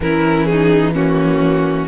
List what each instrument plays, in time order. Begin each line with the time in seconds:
0.00 cello E3, viola C#4, violin E4 A#4
0.45 violin D#4 G#4
0.94 viola A#3, violin C#4 F#4